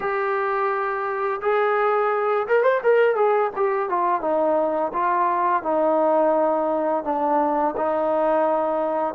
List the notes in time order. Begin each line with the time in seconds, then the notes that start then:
0.00 G4
1.41 G#4
2.47 A#4
2.63 C5
2.83 A#4
3.15 G#4
3.56 G4
3.89 F4
4.21 D#4
4.93 F4
5.62 D#4
7.04 D4
7.76 D#4